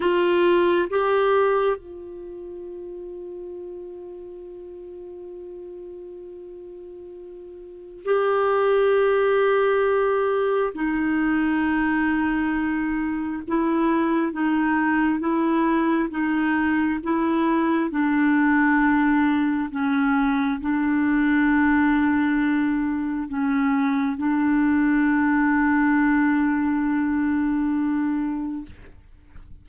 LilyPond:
\new Staff \with { instrumentName = "clarinet" } { \time 4/4 \tempo 4 = 67 f'4 g'4 f'2~ | f'1~ | f'4 g'2. | dis'2. e'4 |
dis'4 e'4 dis'4 e'4 | d'2 cis'4 d'4~ | d'2 cis'4 d'4~ | d'1 | }